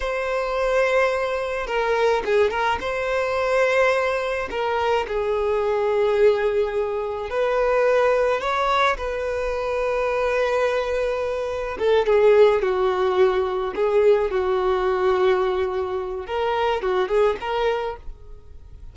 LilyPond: \new Staff \with { instrumentName = "violin" } { \time 4/4 \tempo 4 = 107 c''2. ais'4 | gis'8 ais'8 c''2. | ais'4 gis'2.~ | gis'4 b'2 cis''4 |
b'1~ | b'4 a'8 gis'4 fis'4.~ | fis'8 gis'4 fis'2~ fis'8~ | fis'4 ais'4 fis'8 gis'8 ais'4 | }